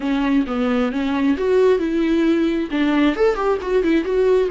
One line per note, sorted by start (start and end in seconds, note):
0.00 0.45 C#4
0.46 0.91 B3
0.91 1.37 C#4
1.37 1.79 F#4
1.79 2.69 E4
2.70 3.16 D4
3.16 3.35 A4
3.35 3.58 G4
3.61 3.83 F#4
3.83 4.04 E4
4.04 4.49 F#4